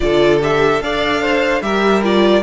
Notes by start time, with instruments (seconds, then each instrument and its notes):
0.00 cello D3, viola F4, violin A4 D5
0.40 viola G4, violin E5
0.81 cello D4, viola A4, violin D5 F5
1.21 violin C5
1.61 cello G3, viola G4, violin A#4 E5
2.03 viola F4, violin D5